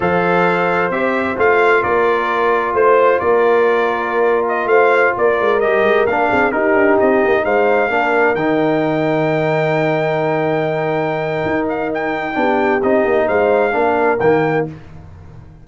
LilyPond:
<<
  \new Staff \with { instrumentName = "trumpet" } { \time 4/4 \tempo 4 = 131 f''2 e''4 f''4 | d''2 c''4 d''4~ | d''4.~ d''16 dis''8 f''4 d''8.~ | d''16 dis''4 f''4 ais'4 dis''8.~ |
dis''16 f''2 g''4.~ g''16~ | g''1~ | g''4. f''8 g''2 | dis''4 f''2 g''4 | }
  \new Staff \with { instrumentName = "horn" } { \time 4/4 c''1 | ais'2 c''4 ais'4~ | ais'2~ ais'16 c''4 ais'8.~ | ais'4.~ ais'16 gis'8 g'4.~ g'16~ |
g'16 c''4 ais'2~ ais'8.~ | ais'1~ | ais'2. g'4~ | g'4 c''4 ais'2 | }
  \new Staff \with { instrumentName = "trombone" } { \time 4/4 a'2 g'4 f'4~ | f'1~ | f'1~ | f'16 g'4 d'4 dis'4.~ dis'16~ |
dis'4~ dis'16 d'4 dis'4.~ dis'16~ | dis'1~ | dis'2. d'4 | dis'2 d'4 ais4 | }
  \new Staff \with { instrumentName = "tuba" } { \time 4/4 f2 c'4 a4 | ais2 a4 ais4~ | ais2~ ais16 a4 ais8 gis16~ | gis16 g8 gis8 ais8 c'8 dis'8 d'8 c'8 ais16~ |
ais16 gis4 ais4 dis4.~ dis16~ | dis1~ | dis4 dis'2 b4 | c'8 ais8 gis4 ais4 dis4 | }
>>